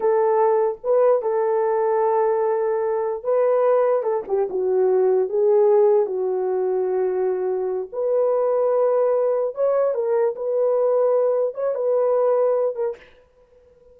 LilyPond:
\new Staff \with { instrumentName = "horn" } { \time 4/4 \tempo 4 = 148 a'2 b'4 a'4~ | a'1 | b'2 a'8 g'8 fis'4~ | fis'4 gis'2 fis'4~ |
fis'2.~ fis'8 b'8~ | b'2.~ b'8 cis''8~ | cis''8 ais'4 b'2~ b'8~ | b'8 cis''8 b'2~ b'8 ais'8 | }